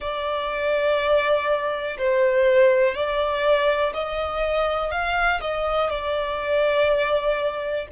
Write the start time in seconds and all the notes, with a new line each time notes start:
0.00 D5
1.98 C5
2.94 D5
3.93 D#5
4.91 F5
5.41 D#5
5.90 D5